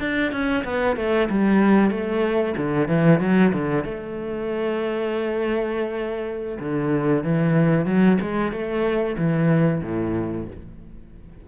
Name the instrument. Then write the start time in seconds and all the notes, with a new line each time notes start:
cello
0.00 D4
0.32 C#4
0.65 B3
0.97 A3
1.30 G3
1.91 A3
2.57 D3
2.88 E3
3.21 F#3
3.53 D3
3.84 A3
6.59 D3
7.24 E3
7.86 F#3
8.21 G#3
8.52 A3
9.18 E3
9.83 A2